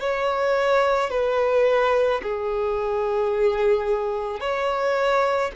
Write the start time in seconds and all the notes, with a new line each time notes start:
0.00 C#5
1.11 B4
2.23 G#4
4.40 C#5